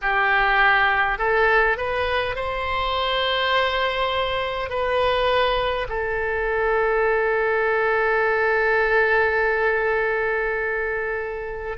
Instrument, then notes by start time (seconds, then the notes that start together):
oboe
0.01 G4
1.18 A4
1.77 B4
2.35 C5
4.69 B4
5.88 A4